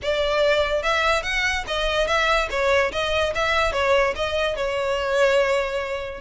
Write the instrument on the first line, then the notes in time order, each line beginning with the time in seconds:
violin
0.02 D5
0.82 E5
1.22 F#5
1.67 D#5
2.07 E5
2.50 C#5
2.92 D#5
3.34 E5
3.72 C#5
4.15 D#5
4.56 C#5